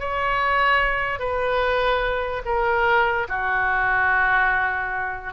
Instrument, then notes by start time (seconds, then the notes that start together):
oboe
0.00 C#5
1.20 B4
2.45 A#4
3.29 F#4